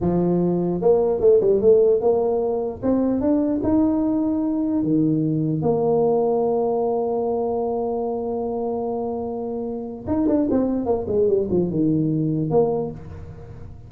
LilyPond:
\new Staff \with { instrumentName = "tuba" } { \time 4/4 \tempo 4 = 149 f2 ais4 a8 g8 | a4 ais2 c'4 | d'4 dis'2. | dis2 ais2~ |
ais1~ | ais1~ | ais4 dis'8 d'8 c'4 ais8 gis8 | g8 f8 dis2 ais4 | }